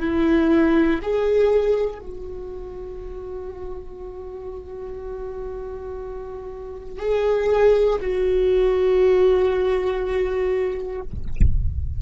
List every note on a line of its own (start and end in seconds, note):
0.00 1.00 E4
1.02 2.00 G#4
2.00 7.00 F#4
7.00 8.00 G#4
8.01 11.01 F#4